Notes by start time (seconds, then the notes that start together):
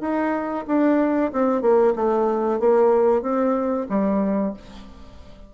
0.00 D#4
0.67 D4
1.32 C4
1.61 A#3
1.95 A3
2.59 A#3
3.22 C4
3.89 G3